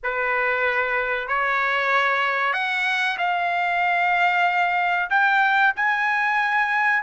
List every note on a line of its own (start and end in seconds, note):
0.03 1.28 B4
1.28 2.53 C#5
2.53 3.17 F#5
3.18 5.09 F5
5.09 5.73 G5
5.76 7.02 G#5